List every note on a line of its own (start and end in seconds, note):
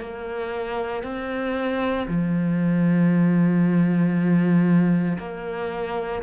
0.00 1.03 A#3
1.03 2.06 C4
2.07 5.18 F3
5.19 6.22 A#3